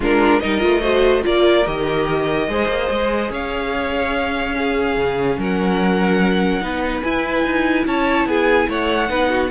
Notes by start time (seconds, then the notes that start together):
0.00 G#3 D4 F4 A#4
0.40 G3 D#4 A#4 D#5
0.59 A3 F4
0.82 F#4 C5
1.21 A#3 F4 A#4 D5
1.66 D#3 G4 D#5
2.48 G#3 G#4 C5
2.68 A#3
2.90 G#3
3.30 C#4 C#5 F5
4.54 C#4 G#4
4.96 C#3
5.38 F#3 A#4 F#5
6.61 B3 D#4 B4
7.02 E4 G#5
7.43 D#4
7.85 C#4 C#5 A5
8.25 B3 G#4 G#5
8.68 A3 C#5 F#5
9.08 B3 D#4 B4
9.29 F#4